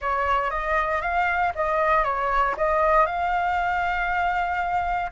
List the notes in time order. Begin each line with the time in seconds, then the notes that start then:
0.01 C#5
0.50 D#5
1.01 F5
1.55 D#5
2.03 C#5
2.57 D#5
3.06 F5